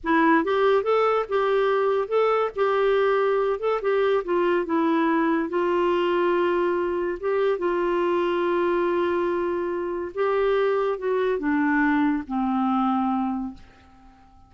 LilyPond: \new Staff \with { instrumentName = "clarinet" } { \time 4/4 \tempo 4 = 142 e'4 g'4 a'4 g'4~ | g'4 a'4 g'2~ | g'8 a'8 g'4 f'4 e'4~ | e'4 f'2.~ |
f'4 g'4 f'2~ | f'1 | g'2 fis'4 d'4~ | d'4 c'2. | }